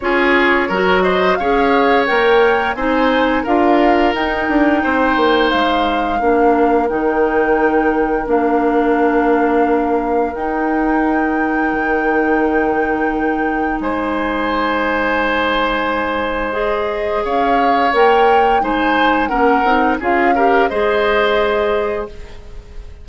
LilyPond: <<
  \new Staff \with { instrumentName = "flute" } { \time 4/4 \tempo 4 = 87 cis''4. dis''8 f''4 g''4 | gis''4 f''4 g''2 | f''2 g''2 | f''2. g''4~ |
g''1 | gis''1 | dis''4 f''4 g''4 gis''4 | fis''4 f''4 dis''2 | }
  \new Staff \with { instrumentName = "oboe" } { \time 4/4 gis'4 ais'8 c''8 cis''2 | c''4 ais'2 c''4~ | c''4 ais'2.~ | ais'1~ |
ais'1 | c''1~ | c''4 cis''2 c''4 | ais'4 gis'8 ais'8 c''2 | }
  \new Staff \with { instrumentName = "clarinet" } { \time 4/4 f'4 fis'4 gis'4 ais'4 | dis'4 f'4 dis'2~ | dis'4 d'4 dis'2 | d'2. dis'4~ |
dis'1~ | dis'1 | gis'2 ais'4 dis'4 | cis'8 dis'8 f'8 g'8 gis'2 | }
  \new Staff \with { instrumentName = "bassoon" } { \time 4/4 cis'4 fis4 cis'4 ais4 | c'4 d'4 dis'8 d'8 c'8 ais8 | gis4 ais4 dis2 | ais2. dis'4~ |
dis'4 dis2. | gis1~ | gis4 cis'4 ais4 gis4 | ais8 c'8 cis'4 gis2 | }
>>